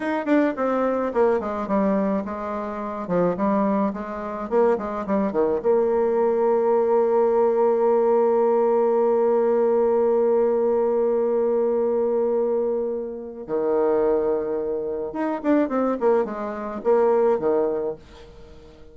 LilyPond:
\new Staff \with { instrumentName = "bassoon" } { \time 4/4 \tempo 4 = 107 dis'8 d'8 c'4 ais8 gis8 g4 | gis4. f8 g4 gis4 | ais8 gis8 g8 dis8 ais2~ | ais1~ |
ais1~ | ais1 | dis2. dis'8 d'8 | c'8 ais8 gis4 ais4 dis4 | }